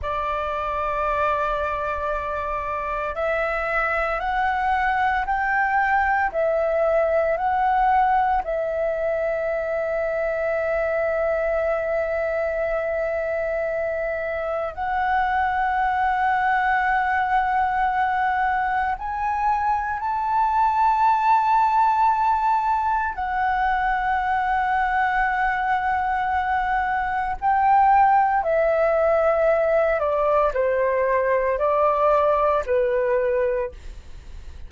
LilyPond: \new Staff \with { instrumentName = "flute" } { \time 4/4 \tempo 4 = 57 d''2. e''4 | fis''4 g''4 e''4 fis''4 | e''1~ | e''2 fis''2~ |
fis''2 gis''4 a''4~ | a''2 fis''2~ | fis''2 g''4 e''4~ | e''8 d''8 c''4 d''4 b'4 | }